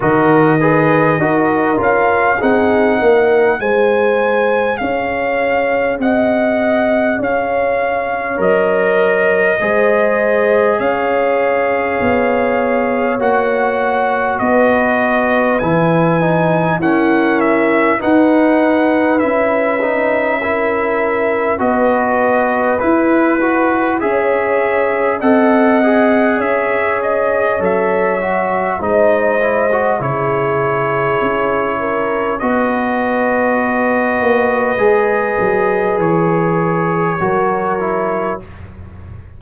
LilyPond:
<<
  \new Staff \with { instrumentName = "trumpet" } { \time 4/4 \tempo 4 = 50 dis''4. f''8 fis''4 gis''4 | f''4 fis''4 f''4 dis''4~ | dis''4 f''2 fis''4 | dis''4 gis''4 fis''8 e''8 fis''4 |
e''2 dis''4 b'4 | e''4 fis''4 e''8 dis''8 e''4 | dis''4 cis''2 dis''4~ | dis''2 cis''2 | }
  \new Staff \with { instrumentName = "horn" } { \time 4/4 ais'8 b'8 ais'4 gis'8 ais'8 c''4 | cis''4 dis''4 cis''2 | c''4 cis''2. | b'2 ais'4 b'4~ |
b'4 ais'4 b'2 | cis''4 dis''4 cis''2 | c''4 gis'4. ais'8 b'4~ | b'2. ais'4 | }
  \new Staff \with { instrumentName = "trombone" } { \time 4/4 fis'8 gis'8 fis'8 f'8 dis'4 gis'4~ | gis'2. ais'4 | gis'2. fis'4~ | fis'4 e'8 dis'8 cis'4 dis'4 |
e'8 dis'8 e'4 fis'4 e'8 fis'8 | gis'4 a'8 gis'4. a'8 fis'8 | dis'8 e'16 fis'16 e'2 fis'4~ | fis'4 gis'2 fis'8 e'8 | }
  \new Staff \with { instrumentName = "tuba" } { \time 4/4 dis4 dis'8 cis'8 c'8 ais8 gis4 | cis'4 c'4 cis'4 fis4 | gis4 cis'4 b4 ais4 | b4 e4 e'4 dis'4 |
cis'2 b4 e'4 | cis'4 c'4 cis'4 fis4 | gis4 cis4 cis'4 b4~ | b8 ais8 gis8 fis8 e4 fis4 | }
>>